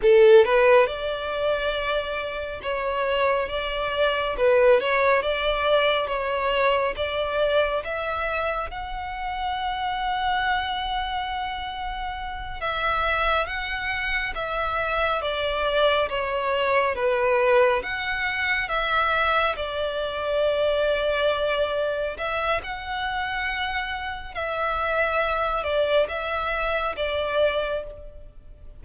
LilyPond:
\new Staff \with { instrumentName = "violin" } { \time 4/4 \tempo 4 = 69 a'8 b'8 d''2 cis''4 | d''4 b'8 cis''8 d''4 cis''4 | d''4 e''4 fis''2~ | fis''2~ fis''8 e''4 fis''8~ |
fis''8 e''4 d''4 cis''4 b'8~ | b'8 fis''4 e''4 d''4.~ | d''4. e''8 fis''2 | e''4. d''8 e''4 d''4 | }